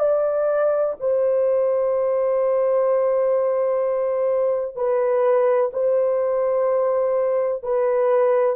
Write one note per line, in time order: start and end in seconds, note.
0.00 0.95 D5
1.00 4.76 C5
4.76 5.71 B4
5.74 7.63 C5
7.63 8.57 B4